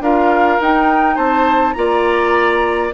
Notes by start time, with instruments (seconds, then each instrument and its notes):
0.00 bassoon D4, clarinet F4, oboe A#4, flute F5
0.61 clarinet D#4, bassoon D#4, flute G5
1.16 bassoon C4, oboe C5, flute A5
1.74 bassoon A#3, clarinet F4, oboe D5, flute A#5